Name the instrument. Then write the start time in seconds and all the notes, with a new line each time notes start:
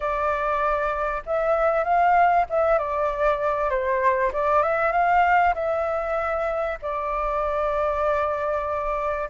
flute
0.00 D5
1.25 E5
1.84 F5
2.49 E5
2.78 D5
3.69 C5
4.32 D5
4.63 E5
4.92 F5
5.54 E5
6.82 D5